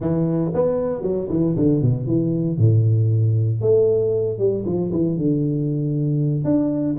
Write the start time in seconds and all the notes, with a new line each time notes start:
0.00 E3
0.54 B3
1.02 F#3
1.29 E3
1.56 D3
1.81 B2
2.06 E3
2.58 A2
3.61 A3
4.38 G3
4.65 F3
4.91 E3
5.17 D3
6.44 D4